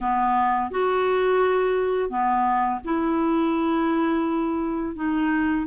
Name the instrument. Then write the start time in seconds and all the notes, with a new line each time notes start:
clarinet
0.00 B3
0.70 F#4
2.09 B3
2.84 E4
4.95 D#4